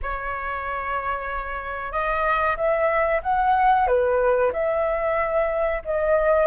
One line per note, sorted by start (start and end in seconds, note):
0.02 1.91 C#5
1.91 2.56 D#5
2.56 3.21 E5
3.22 3.87 F#5
3.87 4.51 B4
4.52 5.82 E5
5.84 6.46 D#5